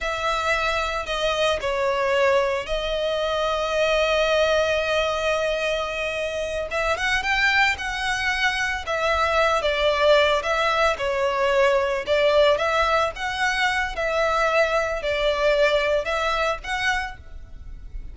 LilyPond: \new Staff \with { instrumentName = "violin" } { \time 4/4 \tempo 4 = 112 e''2 dis''4 cis''4~ | cis''4 dis''2.~ | dis''1~ | dis''8 e''8 fis''8 g''4 fis''4.~ |
fis''8 e''4. d''4. e''8~ | e''8 cis''2 d''4 e''8~ | e''8 fis''4. e''2 | d''2 e''4 fis''4 | }